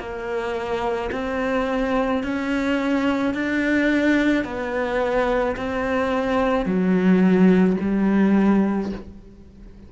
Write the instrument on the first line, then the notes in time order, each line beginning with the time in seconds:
cello
0.00 A#3
1.13 C4
2.24 C#4
3.35 D4
4.45 B3
5.57 C4
6.66 F#3
7.81 G3